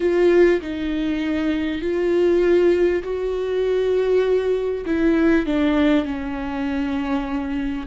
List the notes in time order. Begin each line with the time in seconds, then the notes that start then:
0.00 F4
0.61 D#4
1.81 F4
3.03 F#4
4.85 E4
5.46 D4
6.05 C#4